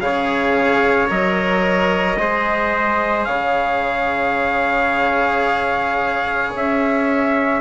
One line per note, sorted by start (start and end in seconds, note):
0.00 1.10 C#3
0.00 1.08 G#4
0.00 2.20 C#5
0.00 1.09 F5
1.08 2.17 F#3
1.08 2.17 A#4
1.08 3.24 D#5
2.17 3.26 G#3
2.17 7.61 G#4
2.17 3.27 C5
3.24 6.54 C#3
3.24 7.61 C#5
3.24 6.52 F5
6.55 7.61 C#4
6.55 7.61 E5